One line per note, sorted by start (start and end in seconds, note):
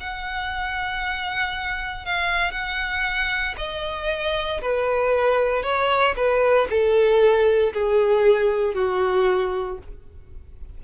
0.00 2.05 F#5
2.05 2.52 F5
2.52 3.55 F#5
3.58 4.61 D#5
4.62 5.63 B4
5.63 6.15 C#5
6.16 6.68 B4
6.70 7.73 A4
7.74 8.75 G#4
8.75 9.78 F#4